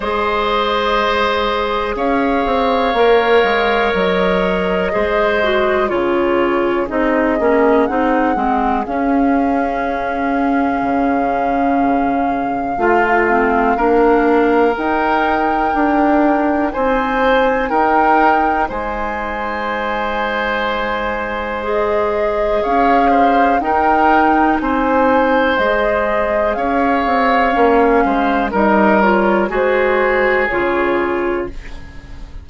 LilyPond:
<<
  \new Staff \with { instrumentName = "flute" } { \time 4/4 \tempo 4 = 61 dis''2 f''2 | dis''2 cis''4 dis''4 | fis''4 f''2.~ | f''2. g''4~ |
g''4 gis''4 g''4 gis''4~ | gis''2 dis''4 f''4 | g''4 gis''4 dis''4 f''4~ | f''4 dis''8 cis''8 c''4 cis''4 | }
  \new Staff \with { instrumentName = "oboe" } { \time 4/4 c''2 cis''2~ | cis''4 c''4 gis'2~ | gis'1~ | gis'4 f'4 ais'2~ |
ais'4 c''4 ais'4 c''4~ | c''2. cis''8 c''8 | ais'4 c''2 cis''4~ | cis''8 c''8 ais'4 gis'2 | }
  \new Staff \with { instrumentName = "clarinet" } { \time 4/4 gis'2. ais'4~ | ais'4 gis'8 fis'8 f'4 dis'8 cis'8 | dis'8 c'8 cis'2.~ | cis'4 f'8 c'8 d'4 dis'4~ |
dis'1~ | dis'2 gis'2 | dis'2 gis'2 | cis'4 dis'8 f'8 fis'4 f'4 | }
  \new Staff \with { instrumentName = "bassoon" } { \time 4/4 gis2 cis'8 c'8 ais8 gis8 | fis4 gis4 cis4 c'8 ais8 | c'8 gis8 cis'2 cis4~ | cis4 a4 ais4 dis'4 |
d'4 c'4 dis'4 gis4~ | gis2. cis'4 | dis'4 c'4 gis4 cis'8 c'8 | ais8 gis8 g4 gis4 cis4 | }
>>